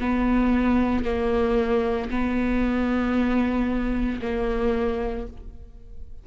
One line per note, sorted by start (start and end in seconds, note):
0.00 1.04 B3
1.04 2.10 A#3
2.10 4.21 B3
4.22 5.27 A#3